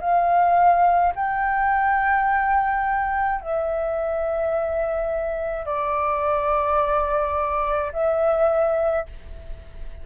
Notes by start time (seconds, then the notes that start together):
0.00 F5
1.15 G5
3.41 E5
5.65 D5
7.92 E5